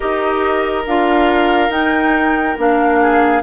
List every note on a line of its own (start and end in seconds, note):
0.00 0.86 D#4
0.00 0.84 G4
0.00 2.99 A#4
0.00 0.84 D#5
0.86 1.69 D4
0.86 1.69 F4
0.86 1.71 F5
1.69 2.55 D#4
1.69 2.57 G5
2.57 3.42 A#3
2.57 3.42 D4
2.57 3.42 F5
3.00 3.42 G#4